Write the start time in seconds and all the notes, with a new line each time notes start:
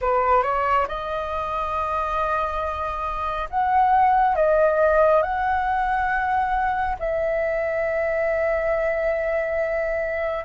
0.01 B4
0.43 C#5
0.87 D#5
3.49 F#5
4.35 D#5
5.22 F#5
6.99 E5